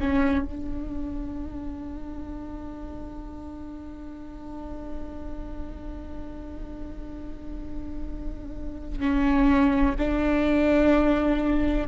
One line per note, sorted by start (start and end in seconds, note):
0.00 0.45 C#4
0.45 9.00 D4
9.00 9.95 C#4
9.98 11.88 D4